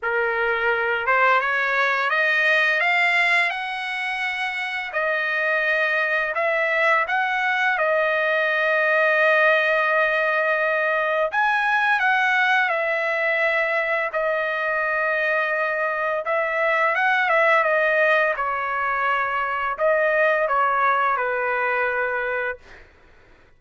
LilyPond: \new Staff \with { instrumentName = "trumpet" } { \time 4/4 \tempo 4 = 85 ais'4. c''8 cis''4 dis''4 | f''4 fis''2 dis''4~ | dis''4 e''4 fis''4 dis''4~ | dis''1 |
gis''4 fis''4 e''2 | dis''2. e''4 | fis''8 e''8 dis''4 cis''2 | dis''4 cis''4 b'2 | }